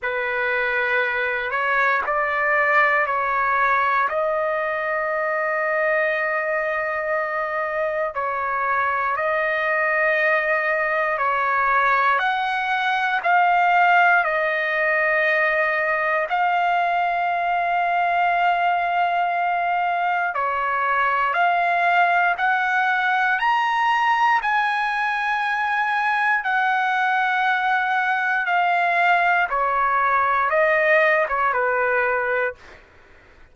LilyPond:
\new Staff \with { instrumentName = "trumpet" } { \time 4/4 \tempo 4 = 59 b'4. cis''8 d''4 cis''4 | dis''1 | cis''4 dis''2 cis''4 | fis''4 f''4 dis''2 |
f''1 | cis''4 f''4 fis''4 ais''4 | gis''2 fis''2 | f''4 cis''4 dis''8. cis''16 b'4 | }